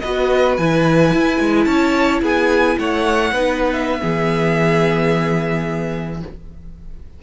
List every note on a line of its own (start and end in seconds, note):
0.00 0.58 B3
0.00 0.59 F#4
0.00 1.67 B4
0.00 0.55 D#5
0.57 1.13 E3
0.57 3.34 E4
0.57 1.64 G#5
1.14 1.40 E4
1.40 1.66 G#3
1.64 2.21 C#4
1.64 2.22 C#5
1.64 2.19 A5
2.22 2.77 B3
2.22 2.77 G#4
2.22 2.79 G#5
2.79 3.32 A3
2.79 3.33 C#5
2.79 3.72 F#5
3.32 4.01 B3
3.32 4.00 D#4
3.32 4.01 B4
3.72 6.20 E5
4.00 6.23 E3
4.00 6.20 B3
4.00 6.21 G#4